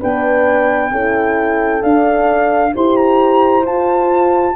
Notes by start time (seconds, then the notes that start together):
0.00 B3 D4 B4 G5
0.91 C#4 E4 A4
1.81 D4 F5
2.74 E4 G4 C5 C6
2.96 A#5
3.63 F4 A5